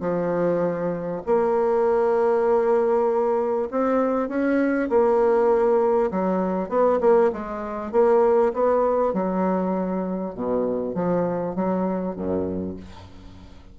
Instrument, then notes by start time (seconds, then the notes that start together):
bassoon
0.00 F3
1.26 A#3
3.71 C4
4.28 C#4
4.89 A#3
6.11 F#3
6.69 B3
7.01 A#3
7.33 G#3
7.92 A#3
8.53 B3
9.13 F#3
10.34 B2
10.94 F3
11.55 F#3
12.16 F#2